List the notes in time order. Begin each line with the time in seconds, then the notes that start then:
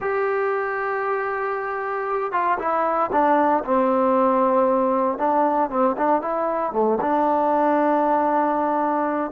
0.00 G4
2.32 F4
2.58 E4
3.12 D4
3.64 C4
5.18 D4
5.70 C4
5.97 D4
6.21 E4
6.72 A3
7.00 D4